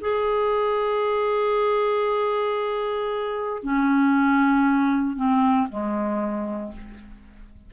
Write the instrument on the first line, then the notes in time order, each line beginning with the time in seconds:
clarinet
0.00 G#4
3.63 C#4
5.16 C4
5.69 G#3